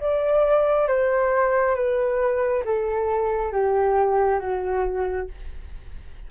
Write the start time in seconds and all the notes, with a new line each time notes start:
0.00 D5
0.88 C5
1.75 B4
2.64 A4
3.52 G4
4.40 F#4